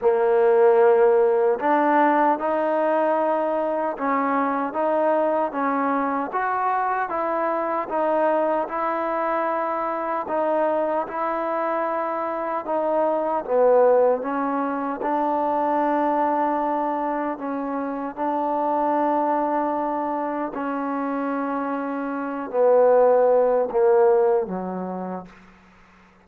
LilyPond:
\new Staff \with { instrumentName = "trombone" } { \time 4/4 \tempo 4 = 76 ais2 d'4 dis'4~ | dis'4 cis'4 dis'4 cis'4 | fis'4 e'4 dis'4 e'4~ | e'4 dis'4 e'2 |
dis'4 b4 cis'4 d'4~ | d'2 cis'4 d'4~ | d'2 cis'2~ | cis'8 b4. ais4 fis4 | }